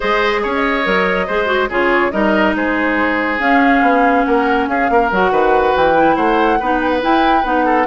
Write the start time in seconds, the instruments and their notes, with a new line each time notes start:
0.00 bassoon G#3, clarinet G#4, oboe C5, flute D#5
0.42 bassoon C#4, flute G#4, oboe C#5
0.54 flute D#5
0.84 bassoon F#3, clarinet A#4
1.26 bassoon G#3, clarinet G#4, oboe C5
1.45 clarinet F#4
1.69 bassoon C#3, clarinet F4, oboe G#4, flute C#5
2.11 bassoon G3, clarinet D#4, oboe A#4, flute D#5
2.55 bassoon G#3, oboe G#4, flute C5
3.38 bassoon C#4, clarinet C#4, flute F5
3.81 bassoon B3
4.24 bassoon A#3, oboe A#4, flute F#5
4.68 bassoon C#4, oboe G#4, flute F5
4.89 bassoon A#3, oboe A#4
5.11 bassoon F#3, clarinet F#4, flute F#5
5.31 bassoon D#3, oboe B4
5.75 bassoon E3, flute G5
5.95 clarinet E4
6.16 bassoon A3, oboe C5, flute F#5
6.59 bassoon B3, clarinet D#4, oboe B4
6.80 flute G5
6.89 flute F#5
7.01 clarinet E4, bassoon E4, flute G5
7.43 bassoon B3, clarinet D#4, flute F#5
7.65 oboe A4